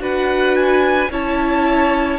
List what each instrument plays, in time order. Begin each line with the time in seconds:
0.00 cello D4, viola F#4, violin B4 F#5
0.56 violin G#5
1.10 cello C#4, viola E4, violin C#5 A5